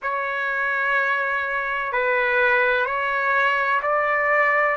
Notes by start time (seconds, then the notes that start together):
0.02 C#5
1.92 B4
2.85 C#5
3.82 D5